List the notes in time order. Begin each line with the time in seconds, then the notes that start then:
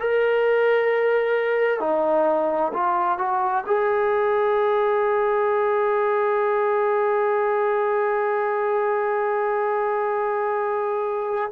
0.00 A#4
1.80 D#4
2.73 F4
3.18 F#4
3.66 G#4